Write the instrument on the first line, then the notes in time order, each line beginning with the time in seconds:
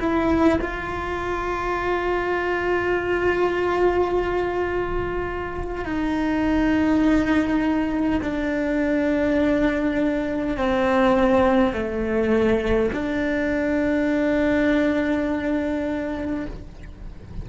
cello
0.00 E4
0.61 F4
5.84 D#4
8.22 D4
10.57 C4
11.73 A3
12.93 D4